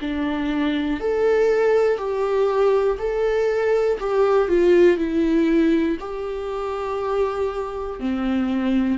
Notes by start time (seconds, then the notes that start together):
0.00 D4
1.00 A4
1.98 G4
2.98 A4
4.00 G4
4.48 F4
4.97 E4
6.00 G4
7.99 C4